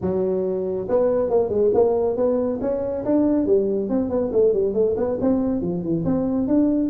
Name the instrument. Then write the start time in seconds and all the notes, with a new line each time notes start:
tuba
0.01 F#3
0.88 B3
1.30 A#3
1.49 G#3
1.73 A#3
2.16 B3
2.61 C#4
3.04 D4
3.46 G3
3.89 C4
4.09 B3
4.32 A3
4.53 G3
4.73 A3
4.96 B3
5.21 C4
5.61 F3
5.82 E3
6.04 C4
6.47 D4